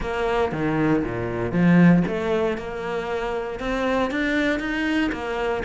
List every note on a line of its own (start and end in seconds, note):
0.00 0.52 A#3
0.52 1.03 D#3
1.04 1.52 A#2
1.52 2.03 F3
2.07 2.57 A3
2.57 3.59 A#3
3.59 4.10 C4
4.10 4.59 D4
4.59 5.10 D#4
5.11 5.63 A#3